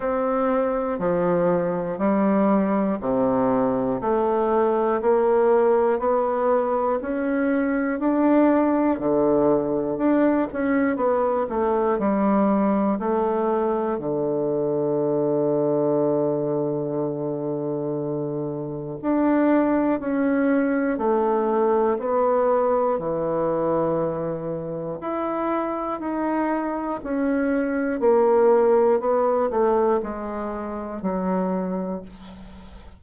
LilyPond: \new Staff \with { instrumentName = "bassoon" } { \time 4/4 \tempo 4 = 60 c'4 f4 g4 c4 | a4 ais4 b4 cis'4 | d'4 d4 d'8 cis'8 b8 a8 | g4 a4 d2~ |
d2. d'4 | cis'4 a4 b4 e4~ | e4 e'4 dis'4 cis'4 | ais4 b8 a8 gis4 fis4 | }